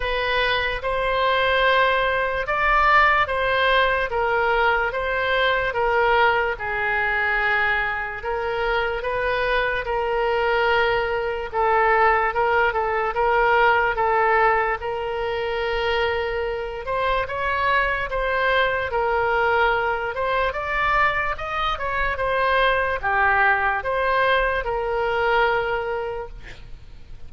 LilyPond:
\new Staff \with { instrumentName = "oboe" } { \time 4/4 \tempo 4 = 73 b'4 c''2 d''4 | c''4 ais'4 c''4 ais'4 | gis'2 ais'4 b'4 | ais'2 a'4 ais'8 a'8 |
ais'4 a'4 ais'2~ | ais'8 c''8 cis''4 c''4 ais'4~ | ais'8 c''8 d''4 dis''8 cis''8 c''4 | g'4 c''4 ais'2 | }